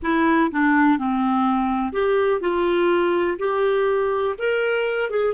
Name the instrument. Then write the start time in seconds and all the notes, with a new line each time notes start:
clarinet
0.02 E4
0.51 D4
0.98 C4
1.92 G4
2.40 F4
3.38 G4
4.38 A#4
5.09 G#4